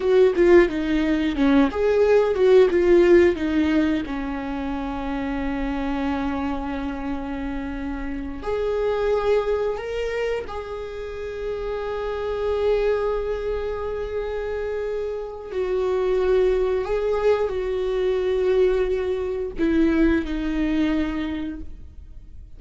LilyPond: \new Staff \with { instrumentName = "viola" } { \time 4/4 \tempo 4 = 89 fis'8 f'8 dis'4 cis'8 gis'4 fis'8 | f'4 dis'4 cis'2~ | cis'1~ | cis'8 gis'2 ais'4 gis'8~ |
gis'1~ | gis'2. fis'4~ | fis'4 gis'4 fis'2~ | fis'4 e'4 dis'2 | }